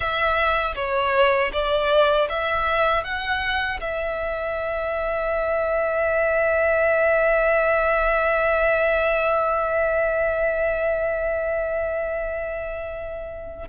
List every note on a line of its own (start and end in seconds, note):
0.00 0.74 E5
0.75 1.51 C#5
1.52 2.28 D5
2.29 3.04 E5
3.04 3.80 F#5
3.80 13.67 E5